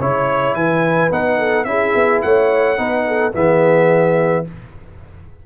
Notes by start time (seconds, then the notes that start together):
0.00 C#3 E4 C#5
0.54 E3 B4 G#5
1.11 B3 D#4 F#5
1.39 A4
1.65 C#4 E4 G#4 E5
1.95 B3
2.23 A3 C#5 F#5
2.77 B3 D#4 B4
3.08 A4
3.34 E3 B3 G#4 E5